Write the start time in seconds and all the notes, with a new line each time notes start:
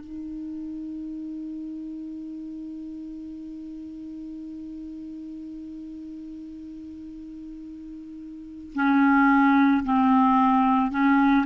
0.00 D#4
8.74 C#4
9.84 C4
10.91 C#4